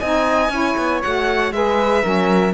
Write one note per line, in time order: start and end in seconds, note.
0.00 0.50 C4
0.00 0.52 D#4
0.00 0.51 D#5
0.00 1.02 G#5
0.50 0.75 C#4
0.50 1.03 E4
0.50 1.53 C#5
0.77 1.03 B3
1.03 1.52 A3
1.03 1.52 F#4
1.03 1.53 F#5
1.52 2.03 G#3
1.52 2.03 G#4
1.52 2.03 B4
1.52 2.54 E5
2.03 2.54 F#3
2.03 2.54 C#4
2.03 2.53 A#4